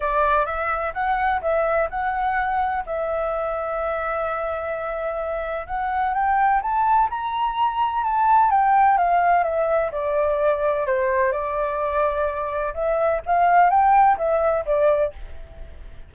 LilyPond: \new Staff \with { instrumentName = "flute" } { \time 4/4 \tempo 4 = 127 d''4 e''4 fis''4 e''4 | fis''2 e''2~ | e''1 | fis''4 g''4 a''4 ais''4~ |
ais''4 a''4 g''4 f''4 | e''4 d''2 c''4 | d''2. e''4 | f''4 g''4 e''4 d''4 | }